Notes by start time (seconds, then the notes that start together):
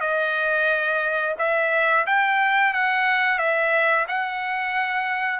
0.00 D#5
1.38 E5
2.06 G5
2.73 F#5
3.38 E5
4.08 F#5